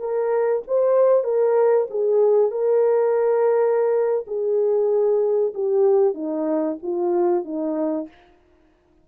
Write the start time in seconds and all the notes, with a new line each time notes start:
0.00 A#4
0.68 C5
1.25 A#4
1.91 G#4
2.52 A#4
4.28 G#4
5.55 G4
6.15 D#4
6.83 F4
7.45 D#4